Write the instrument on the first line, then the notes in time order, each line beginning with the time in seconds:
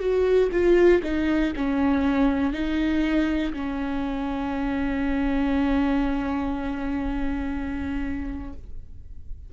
viola
0.00 F#4
0.53 F4
1.03 D#4
1.56 C#4
2.53 D#4
3.53 C#4